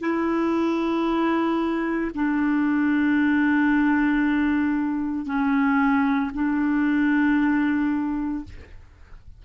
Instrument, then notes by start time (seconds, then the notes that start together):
clarinet
0.00 E4
2.14 D4
5.25 C#4
6.33 D4